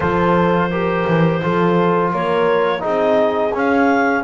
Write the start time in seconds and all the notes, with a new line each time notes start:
0.00 F3 F4 A4 C5
0.70 G4 A#4
1.07 E3
1.42 F3 F4 A4
2.11 A#3 A#4 C#5
2.79 C4 D#4 G#4 D#5
3.53 C#4 F5